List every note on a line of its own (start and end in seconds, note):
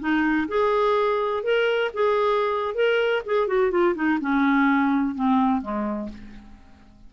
0.00 0.48 D#4
0.48 1.44 G#4
1.44 1.91 A#4
1.94 2.75 G#4
2.75 3.23 A#4
3.26 3.48 G#4
3.48 3.71 F#4
3.71 3.95 F4
3.95 4.19 D#4
4.21 5.15 C#4
5.15 5.62 C4
5.62 6.10 G#3